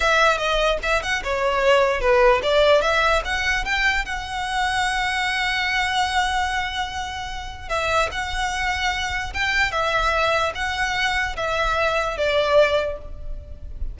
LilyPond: \new Staff \with { instrumentName = "violin" } { \time 4/4 \tempo 4 = 148 e''4 dis''4 e''8 fis''8 cis''4~ | cis''4 b'4 d''4 e''4 | fis''4 g''4 fis''2~ | fis''1~ |
fis''2. e''4 | fis''2. g''4 | e''2 fis''2 | e''2 d''2 | }